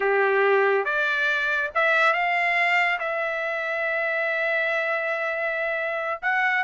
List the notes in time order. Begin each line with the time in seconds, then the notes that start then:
0.00 G4
0.84 D5
1.74 E5
2.13 F5
2.99 E5
6.22 F#5